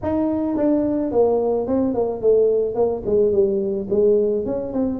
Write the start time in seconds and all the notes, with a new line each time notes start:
0.02 D#4
0.56 D4
1.11 A#3
1.67 C4
1.93 A#3
2.21 A3
2.74 A#3
3.05 G#3
3.32 G3
3.90 G#3
4.45 C#4
4.72 C4